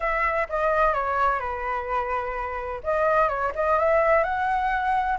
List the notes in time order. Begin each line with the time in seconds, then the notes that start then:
0.00 E5
0.49 D#5
0.94 C#5
1.39 B4
2.83 D#5
3.28 C#5
3.55 D#5
3.78 E5
4.23 F#5